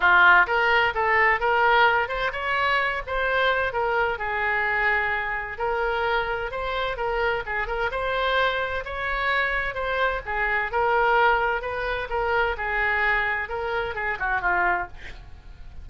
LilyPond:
\new Staff \with { instrumentName = "oboe" } { \time 4/4 \tempo 4 = 129 f'4 ais'4 a'4 ais'4~ | ais'8 c''8 cis''4. c''4. | ais'4 gis'2. | ais'2 c''4 ais'4 |
gis'8 ais'8 c''2 cis''4~ | cis''4 c''4 gis'4 ais'4~ | ais'4 b'4 ais'4 gis'4~ | gis'4 ais'4 gis'8 fis'8 f'4 | }